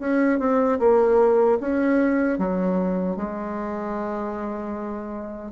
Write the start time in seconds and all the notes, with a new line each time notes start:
0.00 C#4
0.40 C4
0.80 A#3
1.61 C#4
2.39 F#3
3.17 G#3